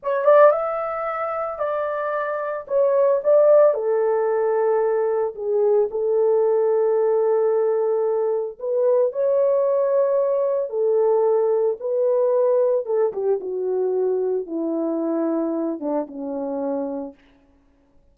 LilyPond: \new Staff \with { instrumentName = "horn" } { \time 4/4 \tempo 4 = 112 cis''8 d''8 e''2 d''4~ | d''4 cis''4 d''4 a'4~ | a'2 gis'4 a'4~ | a'1 |
b'4 cis''2. | a'2 b'2 | a'8 g'8 fis'2 e'4~ | e'4. d'8 cis'2 | }